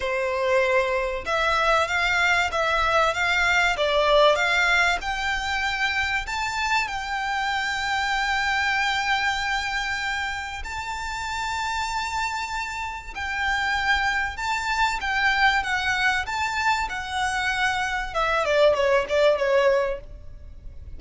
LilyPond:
\new Staff \with { instrumentName = "violin" } { \time 4/4 \tempo 4 = 96 c''2 e''4 f''4 | e''4 f''4 d''4 f''4 | g''2 a''4 g''4~ | g''1~ |
g''4 a''2.~ | a''4 g''2 a''4 | g''4 fis''4 a''4 fis''4~ | fis''4 e''8 d''8 cis''8 d''8 cis''4 | }